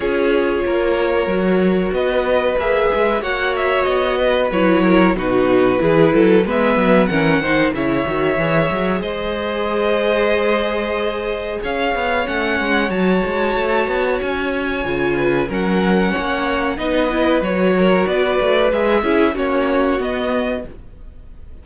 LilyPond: <<
  \new Staff \with { instrumentName = "violin" } { \time 4/4 \tempo 4 = 93 cis''2. dis''4 | e''4 fis''8 e''8 dis''4 cis''4 | b'2 e''4 fis''4 | e''2 dis''2~ |
dis''2 f''4 fis''4 | a''2 gis''2 | fis''2 dis''4 cis''4 | d''4 e''4 cis''4 dis''4 | }
  \new Staff \with { instrumentName = "violin" } { \time 4/4 gis'4 ais'2 b'4~ | b'4 cis''4. b'4 ais'8 | fis'4 gis'8 a'8 b'4 ais'8 c''8 | cis''2 c''2~ |
c''2 cis''2~ | cis''2.~ cis''8 b'8 | ais'4 cis''4 b'4. ais'8 | b'4. gis'8 fis'2 | }
  \new Staff \with { instrumentName = "viola" } { \time 4/4 f'2 fis'2 | gis'4 fis'2 e'4 | dis'4 e'4 b4 cis'8 dis'8 | e'8 fis'8 gis'2.~ |
gis'2. cis'4 | fis'2. f'4 | cis'2 dis'8 e'8 fis'4~ | fis'4 gis'8 e'8 cis'4 b4 | }
  \new Staff \with { instrumentName = "cello" } { \time 4/4 cis'4 ais4 fis4 b4 | ais8 gis8 ais4 b4 fis4 | b,4 e8 fis8 gis8 fis8 e8 dis8 | cis8 dis8 e8 fis8 gis2~ |
gis2 cis'8 b8 a8 gis8 | fis8 gis8 a8 b8 cis'4 cis4 | fis4 ais4 b4 fis4 | b8 a8 gis8 cis'8 ais4 b4 | }
>>